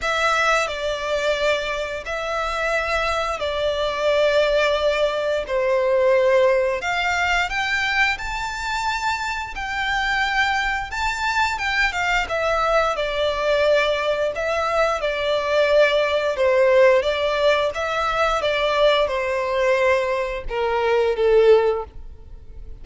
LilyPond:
\new Staff \with { instrumentName = "violin" } { \time 4/4 \tempo 4 = 88 e''4 d''2 e''4~ | e''4 d''2. | c''2 f''4 g''4 | a''2 g''2 |
a''4 g''8 f''8 e''4 d''4~ | d''4 e''4 d''2 | c''4 d''4 e''4 d''4 | c''2 ais'4 a'4 | }